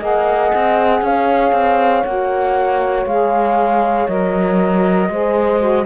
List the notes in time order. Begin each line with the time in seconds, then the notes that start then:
0.00 A#3 G#4 D#5 F#5
0.55 C4
1.02 C#4 C#5 F5
1.53 C4
2.04 A#3 F#4 F#5
3.06 G#3 G#4 F5
4.08 F#3 A#4 D#5
5.10 G#3 G#4 C5
5.60 F#4